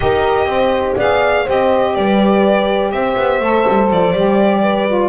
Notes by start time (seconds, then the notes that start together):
0.00 D#4 G4 A#4 D#5
0.45 C4 C5
0.96 B3 G#4 D5 F5
1.44 C4 G4 C5 D#5
1.95 G3 B4 D5
2.91 C4 C5 E5
3.16 B3
3.40 A3 A4
3.68 G3
3.91 F3 D5
4.12 G3 G4
4.62 B4
4.88 F4